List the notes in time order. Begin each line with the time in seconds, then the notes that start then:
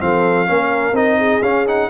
0.00 F3 C4 A4 F5
0.46 A#3 C#4 A#4
0.92 C4 D#4 D#5
1.18 G#4
1.42 C#4 F5
1.67 D#4 F#5